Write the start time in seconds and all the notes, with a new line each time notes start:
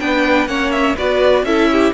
0.00 B3 D4 B4 G5
0.46 A#3 C#4 C#5 F#5
0.72 E5
0.96 B3 F#4 B4 D5
1.44 C#4 E4 A4 E5
1.71 G4